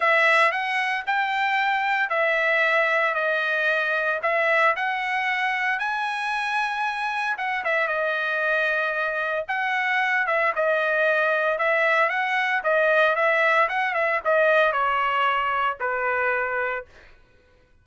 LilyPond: \new Staff \with { instrumentName = "trumpet" } { \time 4/4 \tempo 4 = 114 e''4 fis''4 g''2 | e''2 dis''2 | e''4 fis''2 gis''4~ | gis''2 fis''8 e''8 dis''4~ |
dis''2 fis''4. e''8 | dis''2 e''4 fis''4 | dis''4 e''4 fis''8 e''8 dis''4 | cis''2 b'2 | }